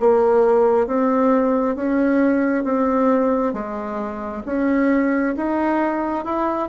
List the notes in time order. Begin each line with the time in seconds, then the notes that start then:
0.00 A#3
0.87 C4
1.75 C#4
2.64 C4
3.53 G#3
4.45 C#4
5.36 D#4
6.25 E4